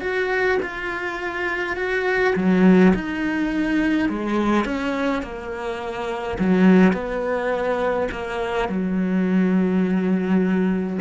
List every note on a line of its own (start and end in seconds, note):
0.00 0.58 F#4
0.62 1.76 F4
1.76 2.34 F#4
2.35 2.93 F#3
2.94 4.09 D#4
4.09 4.65 G#3
4.65 5.22 C#4
5.22 6.38 A#3
6.38 6.93 F#3
6.93 8.08 B3
8.11 8.69 A#3
8.69 10.99 F#3